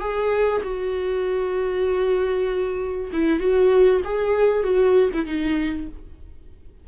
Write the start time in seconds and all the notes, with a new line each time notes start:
0.00 G#4
0.64 F#4
3.13 E4
3.40 F#4
4.05 G#4
4.64 F#4
5.14 E4
5.26 D#4